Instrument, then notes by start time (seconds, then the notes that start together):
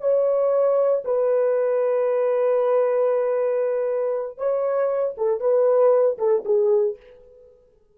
horn
0.00 C#5
1.04 B4
4.38 C#5
5.18 A4
5.40 B4
6.18 A4
6.45 G#4